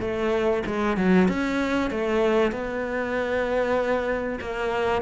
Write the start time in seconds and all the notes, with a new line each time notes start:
0.00 A3
0.66 G#3
0.97 F#3
1.28 C#4
1.90 A3
2.51 B3
4.40 A#3